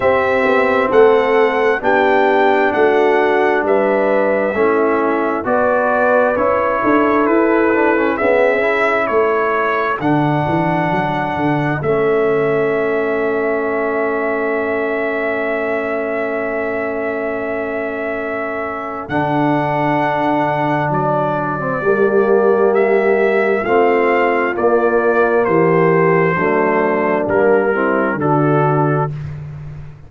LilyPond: <<
  \new Staff \with { instrumentName = "trumpet" } { \time 4/4 \tempo 4 = 66 e''4 fis''4 g''4 fis''4 | e''2 d''4 cis''4 | b'4 e''4 cis''4 fis''4~ | fis''4 e''2.~ |
e''1~ | e''4 fis''2 d''4~ | d''4 e''4 f''4 d''4 | c''2 ais'4 a'4 | }
  \new Staff \with { instrumentName = "horn" } { \time 4/4 g'4 a'4 g'4 fis'4 | b'4 e'4 b'4. a'8~ | a'4 gis'4 a'2~ | a'1~ |
a'1~ | a'1 | g'2 f'2 | g'4 d'4. e'8 fis'4 | }
  \new Staff \with { instrumentName = "trombone" } { \time 4/4 c'2 d'2~ | d'4 cis'4 fis'4 e'4~ | e'8 d'16 cis'16 b8 e'4. d'4~ | d'4 cis'2.~ |
cis'1~ | cis'4 d'2~ d'8. c'16 | ais2 c'4 ais4~ | ais4 a4 ais8 c'8 d'4 | }
  \new Staff \with { instrumentName = "tuba" } { \time 4/4 c'8 b8 a4 b4 a4 | g4 a4 b4 cis'8 d'8 | e'4 cis'4 a4 d8 e8 | fis8 d8 a2.~ |
a1~ | a4 d2 fis4 | g2 a4 ais4 | e4 fis4 g4 d4 | }
>>